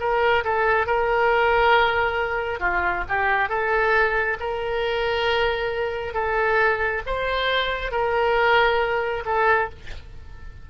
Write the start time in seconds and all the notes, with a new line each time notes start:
0.00 A#4
0.45 A4
0.87 A#4
2.60 F4
3.08 G4
3.49 A4
4.40 A#4
6.14 A4
7.06 C5
7.91 A#4
9.25 A4